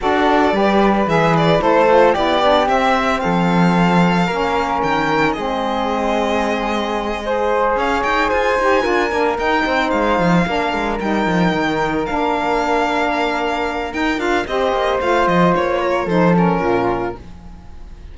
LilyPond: <<
  \new Staff \with { instrumentName = "violin" } { \time 4/4 \tempo 4 = 112 d''2 e''8 d''8 c''4 | d''4 e''4 f''2~ | f''4 g''4 dis''2~ | dis''2~ dis''8 f''8 g''8 gis''8~ |
gis''4. g''4 f''4.~ | f''8 g''2 f''4.~ | f''2 g''8 f''8 dis''4 | f''8 dis''8 cis''4 c''8 ais'4. | }
  \new Staff \with { instrumentName = "flute" } { \time 4/4 a'4 b'2 a'4 | g'2 a'2 | ais'2 gis'2~ | gis'4. c''4 cis''4 c''8~ |
c''8 ais'4. c''4. ais'8~ | ais'1~ | ais'2. c''4~ | c''4. ais'8 a'4 f'4 | }
  \new Staff \with { instrumentName = "saxophone" } { \time 4/4 fis'4 g'4 gis'4 e'8 f'8 | e'8 d'8 c'2. | cis'2 c'2~ | c'4. gis'2~ gis'8 |
g'8 f'8 d'8 dis'2 d'8~ | d'8 dis'2 d'4.~ | d'2 dis'8 f'8 g'4 | f'2 dis'8 cis'4. | }
  \new Staff \with { instrumentName = "cello" } { \time 4/4 d'4 g4 e4 a4 | b4 c'4 f2 | ais4 dis4 gis2~ | gis2~ gis8 cis'8 dis'8 f'8 |
dis'8 d'8 ais8 dis'8 c'8 gis8 f8 ais8 | gis8 g8 f8 dis4 ais4.~ | ais2 dis'8 d'8 c'8 ais8 | a8 f8 ais4 f4 ais,4 | }
>>